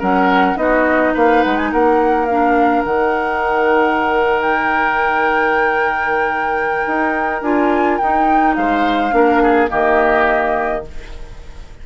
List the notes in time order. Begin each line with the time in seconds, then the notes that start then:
0.00 F#3 C#4 A#4 F#5
0.56 B3 D#4 F#4 D#5
1.14 A#3 B4 F5
1.44 G#3 F#5
1.57 G#5
1.73 A#3 A#4 F#5
2.26 D4 F5
2.85 D#3 D#4 F#5
4.42 G5
6.87 D#4
7.42 D4 F4 G#5
7.98 D#4 G5
8.55 G#3 C5 F5
9.12 A#3 D4 A#4
9.43 G#4
9.68 D#3 A#3 G4 D#5